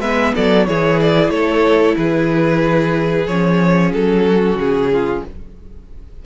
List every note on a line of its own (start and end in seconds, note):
0.00 0.33 G#3
0.00 0.67 B3
0.00 0.33 B4
0.00 0.33 E5
0.35 0.68 F#3
0.35 0.67 A4
0.35 0.67 D5
0.67 1.29 E3
0.67 3.28 E4
0.67 1.33 G#4
0.67 1.00 C#5
1.00 1.30 D5
1.29 1.95 A3
1.29 1.97 A4
1.29 1.95 C#5
1.96 3.27 E3
1.96 4.26 G#4
1.96 3.26 B4
3.26 3.93 F3
3.26 5.24 C#4
3.26 3.92 C#5
3.93 4.55 F#3
3.93 4.58 A4
4.27 4.92 F#4
4.55 5.20 C#3
4.55 5.24 G#4
4.93 5.25 F4